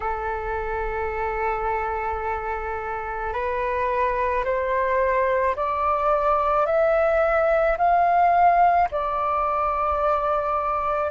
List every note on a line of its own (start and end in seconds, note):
0.00 3.33 A4
3.33 4.44 B4
4.44 5.55 C5
5.56 6.66 D5
6.66 7.77 E5
7.77 8.88 F5
8.91 11.11 D5